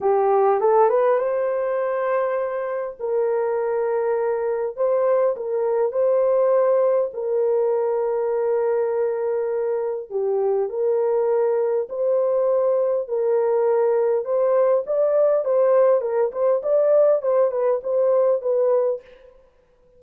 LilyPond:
\new Staff \with { instrumentName = "horn" } { \time 4/4 \tempo 4 = 101 g'4 a'8 b'8 c''2~ | c''4 ais'2. | c''4 ais'4 c''2 | ais'1~ |
ais'4 g'4 ais'2 | c''2 ais'2 | c''4 d''4 c''4 ais'8 c''8 | d''4 c''8 b'8 c''4 b'4 | }